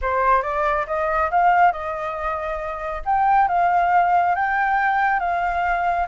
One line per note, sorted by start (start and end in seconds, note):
0.01 0.42 C5
0.42 0.86 D5
0.87 1.30 D#5
1.30 1.72 F5
1.72 3.02 D#5
3.05 3.48 G5
3.48 4.35 F5
4.35 5.19 G5
5.19 6.06 F5